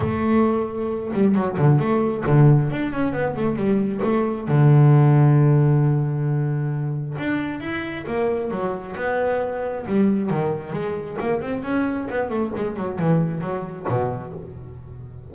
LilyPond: \new Staff \with { instrumentName = "double bass" } { \time 4/4 \tempo 4 = 134 a2~ a8 g8 fis8 d8 | a4 d4 d'8 cis'8 b8 a8 | g4 a4 d2~ | d1 |
d'4 e'4 ais4 fis4 | b2 g4 dis4 | gis4 ais8 c'8 cis'4 b8 a8 | gis8 fis8 e4 fis4 b,4 | }